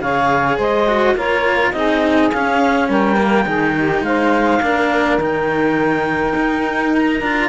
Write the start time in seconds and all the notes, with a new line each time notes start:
0.00 C#3 G#4 C#5 F5
0.58 G#3 C5 D#5
0.87 F#4
1.15 A#3 F4 A#4 C#5
1.71 C4 D#4 G#4 D#5
2.32 C#4 F5
2.88 G3 A#4 G5
3.16 A#3
3.45 D#3 D#4 G#4
3.76 G4
4.02 G#3 C5 F5
4.61 A#3 D4 A#4
5.17 D#3 D#4 G5
6.35 D#4
6.96 A#5
7.21 D4 F4